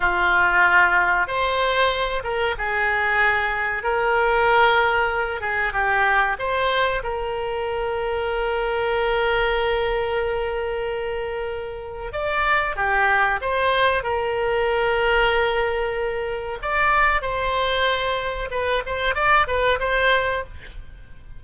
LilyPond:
\new Staff \with { instrumentName = "oboe" } { \time 4/4 \tempo 4 = 94 f'2 c''4. ais'8 | gis'2 ais'2~ | ais'8 gis'8 g'4 c''4 ais'4~ | ais'1~ |
ais'2. d''4 | g'4 c''4 ais'2~ | ais'2 d''4 c''4~ | c''4 b'8 c''8 d''8 b'8 c''4 | }